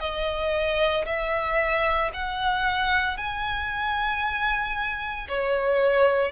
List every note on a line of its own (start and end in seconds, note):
0.00 1.05 D#5
1.06 2.11 E5
2.13 3.17 F#5
3.17 5.28 G#5
5.29 6.32 C#5